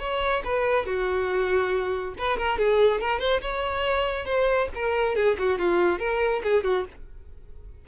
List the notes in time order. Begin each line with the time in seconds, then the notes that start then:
0.00 C#5
0.45 B4
0.86 F#4
2.19 B4
2.38 A#4
2.59 G#4
3.01 A#4
3.20 C5
3.42 C#5
4.26 C5
4.76 A#4
5.16 G#4
5.39 F#4
5.59 F4
6.00 A#4
6.44 G#4
6.64 F#4